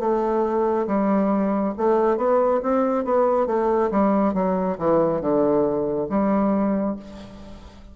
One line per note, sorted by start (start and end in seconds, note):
0.00 0.87 A3
0.87 1.74 G3
1.78 2.17 A3
2.17 2.61 B3
2.63 3.05 C4
3.05 3.47 B3
3.47 3.91 A3
3.92 4.34 G3
4.34 4.78 F#3
4.79 5.21 E3
5.21 6.08 D3
6.10 6.97 G3